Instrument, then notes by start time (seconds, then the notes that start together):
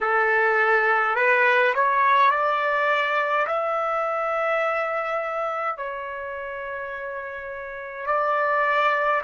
trumpet
0.00 A4
1.15 B4
1.74 C#5
2.31 D5
3.46 E5
5.77 C#5
8.06 D5